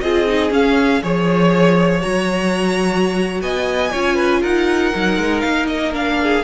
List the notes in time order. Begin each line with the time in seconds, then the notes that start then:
0.00 C4 F4 G#4 D#5
0.27 D#4
0.50 C#4 F5
1.02 F3 G#4 C#5
2.01 F#3 F#4 A#5
3.41 B3 D#5 G#5
3.91 C#4 F4 C#5
4.15 B4
4.41 D#4 A#4 F#5
4.93 F#3 D#4
5.17 G#3
5.40 A#3 F5
5.67 D#5
5.93 D4 F5
6.22 G#4